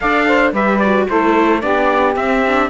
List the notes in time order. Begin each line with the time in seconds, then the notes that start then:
0.00 D4 A4 D5 F5
0.27 C5
0.52 G3 G4 B4 E5
0.78 F#4 D5
1.09 A3 E4 A4 C5
1.61 B3 D4 G4 D5
2.16 C4 E5
2.47 D4